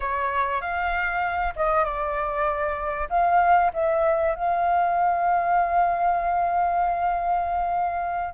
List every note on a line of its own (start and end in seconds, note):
0.00 0.61 C#5
0.61 1.54 F5
1.56 1.84 D#5
1.84 3.08 D5
3.09 3.71 F5
3.73 4.35 E5
4.35 8.34 F5